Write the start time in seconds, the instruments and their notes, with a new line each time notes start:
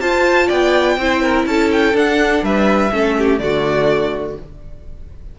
0.00 cello F4, viola F4, violin C5 A5
0.46 cello B3, violin D5 G5
0.97 cello C4, viola E4, violin C5
1.22 violin A#4
1.45 cello C#4, violin A4 A5
1.72 violin G5
1.93 cello D4, viola D4, violin F#5
2.42 cello G3, violin B4 E5
2.91 cello A3, viola C#4, violin A4
3.18 violin G4
3.38 cello D3, viola A3, violin F#4 D5